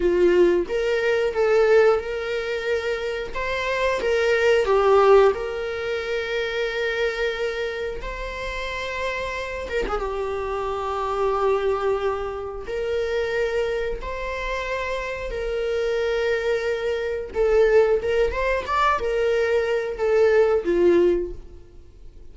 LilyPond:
\new Staff \with { instrumentName = "viola" } { \time 4/4 \tempo 4 = 90 f'4 ais'4 a'4 ais'4~ | ais'4 c''4 ais'4 g'4 | ais'1 | c''2~ c''8 ais'16 gis'16 g'4~ |
g'2. ais'4~ | ais'4 c''2 ais'4~ | ais'2 a'4 ais'8 c''8 | d''8 ais'4. a'4 f'4 | }